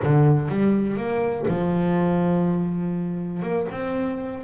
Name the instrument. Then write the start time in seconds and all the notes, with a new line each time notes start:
double bass
0.02 D3
0.49 G3
0.97 A#3
1.48 F3
3.42 A#3
3.71 C4